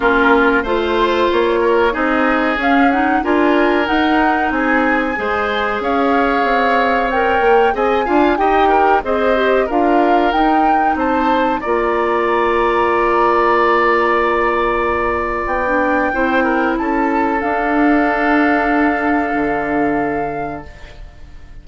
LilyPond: <<
  \new Staff \with { instrumentName = "flute" } { \time 4/4 \tempo 4 = 93 ais'4 c''4 cis''4 dis''4 | f''8 fis''8 gis''4 fis''4 gis''4~ | gis''4 f''2 g''4 | gis''4 g''4 dis''4 f''4 |
g''4 a''4 ais''2~ | ais''1 | g''2 a''4 f''4~ | f''1 | }
  \new Staff \with { instrumentName = "oboe" } { \time 4/4 f'4 c''4. ais'8 gis'4~ | gis'4 ais'2 gis'4 | c''4 cis''2. | dis''8 f''8 dis''8 ais'8 c''4 ais'4~ |
ais'4 c''4 d''2~ | d''1~ | d''4 c''8 ais'8 a'2~ | a'1 | }
  \new Staff \with { instrumentName = "clarinet" } { \time 4/4 cis'4 f'2 dis'4 | cis'8 dis'8 f'4 dis'2 | gis'2. ais'4 | gis'8 f'8 g'4 gis'8 g'8 f'4 |
dis'2 f'2~ | f'1~ | f'16 d'8. e'2 d'4~ | d'1 | }
  \new Staff \with { instrumentName = "bassoon" } { \time 4/4 ais4 a4 ais4 c'4 | cis'4 d'4 dis'4 c'4 | gis4 cis'4 c'4. ais8 | c'8 d'8 dis'4 c'4 d'4 |
dis'4 c'4 ais2~ | ais1 | b4 c'4 cis'4 d'4~ | d'2 d2 | }
>>